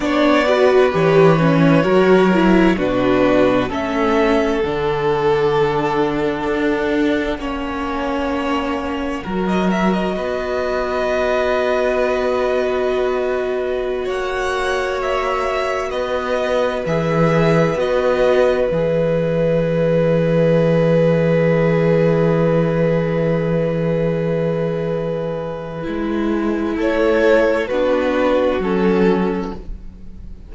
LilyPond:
<<
  \new Staff \with { instrumentName = "violin" } { \time 4/4 \tempo 4 = 65 d''4 cis''2 b'4 | e''4 fis''2.~ | fis''2~ fis''16 dis''16 e''16 dis''4~ dis''16~ | dis''2.~ dis''16 fis''8.~ |
fis''16 e''4 dis''4 e''4 dis''8.~ | dis''16 e''2.~ e''8.~ | e''1~ | e''4 cis''4 b'4 a'4 | }
  \new Staff \with { instrumentName = "violin" } { \time 4/4 cis''8 b'4. ais'4 fis'4 | a'1 | cis''2 ais'4 b'4~ | b'2.~ b'16 cis''8.~ |
cis''4~ cis''16 b'2~ b'8.~ | b'1~ | b'1~ | b'4 a'4 fis'2 | }
  \new Staff \with { instrumentName = "viola" } { \time 4/4 d'8 fis'8 g'8 cis'8 fis'8 e'8 d'4 | cis'4 d'2. | cis'2 fis'2~ | fis'1~ |
fis'2~ fis'16 gis'4 fis'8.~ | fis'16 gis'2.~ gis'8.~ | gis'1 | e'2 d'4 cis'4 | }
  \new Staff \with { instrumentName = "cello" } { \time 4/4 b4 e4 fis4 b,4 | a4 d2 d'4 | ais2 fis4 b4~ | b2.~ b16 ais8.~ |
ais4~ ais16 b4 e4 b8.~ | b16 e2.~ e8.~ | e1 | gis4 a4 b4 fis4 | }
>>